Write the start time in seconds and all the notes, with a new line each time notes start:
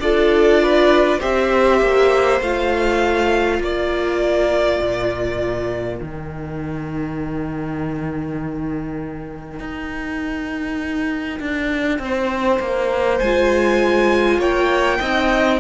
0.00 D4 F4 A4 D5
0.63 B4
1.20 C4 G4 C5 E5
1.81 A#3
2.41 A3 F4 F5
3.60 A#3 A#4 D5
4.81 A#2
6.00 D#3 D#4 G5
9.60 D#4
11.40 D4
11.99 C4 C5
12.60 A#3
13.20 G#3 F4 G#5
14.39 A#3 C#5 G5
15.00 C4 D#4 D#5